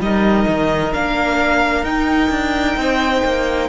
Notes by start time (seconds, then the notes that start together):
0.00 G3 D#4 A#4 D#5
0.48 D#3
0.93 A#3 D4 F5
1.83 D#4 G5
2.30 D4
2.77 C4 C5
3.25 A#3